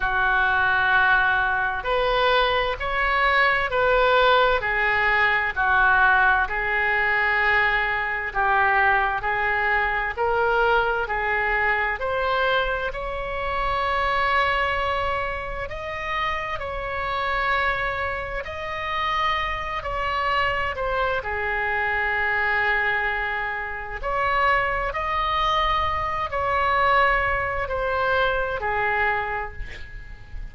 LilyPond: \new Staff \with { instrumentName = "oboe" } { \time 4/4 \tempo 4 = 65 fis'2 b'4 cis''4 | b'4 gis'4 fis'4 gis'4~ | gis'4 g'4 gis'4 ais'4 | gis'4 c''4 cis''2~ |
cis''4 dis''4 cis''2 | dis''4. cis''4 c''8 gis'4~ | gis'2 cis''4 dis''4~ | dis''8 cis''4. c''4 gis'4 | }